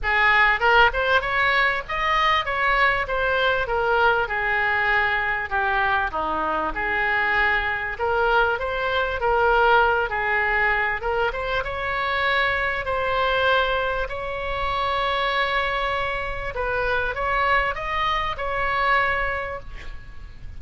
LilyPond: \new Staff \with { instrumentName = "oboe" } { \time 4/4 \tempo 4 = 98 gis'4 ais'8 c''8 cis''4 dis''4 | cis''4 c''4 ais'4 gis'4~ | gis'4 g'4 dis'4 gis'4~ | gis'4 ais'4 c''4 ais'4~ |
ais'8 gis'4. ais'8 c''8 cis''4~ | cis''4 c''2 cis''4~ | cis''2. b'4 | cis''4 dis''4 cis''2 | }